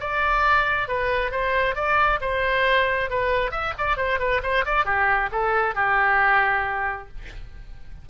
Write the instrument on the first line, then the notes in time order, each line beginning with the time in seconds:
oboe
0.00 D5
0.88 B4
1.31 C5
1.75 D5
2.21 C5
3.10 B4
3.51 E5
3.78 D5
3.97 C5
4.19 B4
4.43 C5
4.65 D5
4.85 G4
5.32 A4
5.75 G4